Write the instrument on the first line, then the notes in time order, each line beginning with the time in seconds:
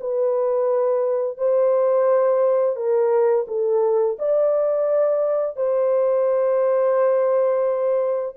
horn
0.00 B4
1.37 C5
2.76 A#4
3.47 A4
4.19 D5
5.56 C5